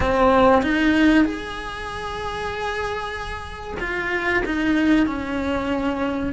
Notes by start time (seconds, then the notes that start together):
0.00 C4
0.62 D#4
1.25 G#4
3.80 F4
4.45 D#4
5.06 C#4